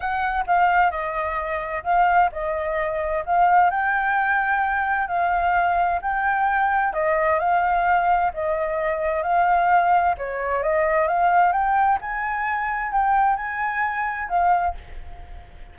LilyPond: \new Staff \with { instrumentName = "flute" } { \time 4/4 \tempo 4 = 130 fis''4 f''4 dis''2 | f''4 dis''2 f''4 | g''2. f''4~ | f''4 g''2 dis''4 |
f''2 dis''2 | f''2 cis''4 dis''4 | f''4 g''4 gis''2 | g''4 gis''2 f''4 | }